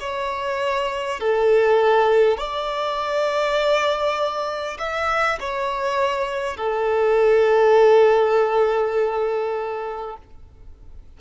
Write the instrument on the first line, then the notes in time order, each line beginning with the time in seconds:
violin
0.00 C#5
1.20 A4
2.37 D5
4.78 E5
5.40 C#5
6.57 A4